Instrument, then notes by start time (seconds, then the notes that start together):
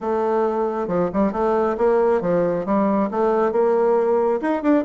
bassoon
0.00 A3
0.87 F3
1.13 G3
1.32 A3
1.77 A#3
2.21 F3
2.65 G3
3.10 A3
3.52 A#3
4.41 D#4
4.62 D4